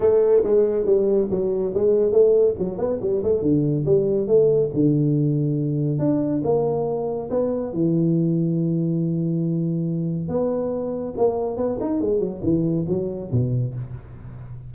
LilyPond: \new Staff \with { instrumentName = "tuba" } { \time 4/4 \tempo 4 = 140 a4 gis4 g4 fis4 | gis4 a4 fis8 b8 g8 a8 | d4 g4 a4 d4~ | d2 d'4 ais4~ |
ais4 b4 e2~ | e1 | b2 ais4 b8 dis'8 | gis8 fis8 e4 fis4 b,4 | }